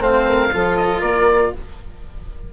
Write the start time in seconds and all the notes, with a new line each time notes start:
0.00 A3 C4 C5 F5
0.28 A#4
0.53 F3 F4 A4
0.77 D#5
1.00 A#3 A#4 D5